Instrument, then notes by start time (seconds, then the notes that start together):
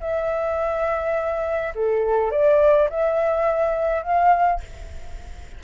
flute
0.00 E5
1.75 A4
2.31 D5
2.90 E5
4.03 F5